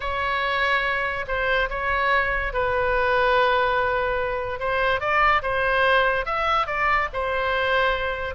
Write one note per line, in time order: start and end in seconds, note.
0.00 1.25 C#5
1.27 1.69 C5
1.69 2.53 C#5
2.53 4.59 B4
4.59 5.00 C5
5.00 5.41 D5
5.42 6.25 C5
6.25 6.66 E5
6.66 7.08 D5
7.13 8.34 C5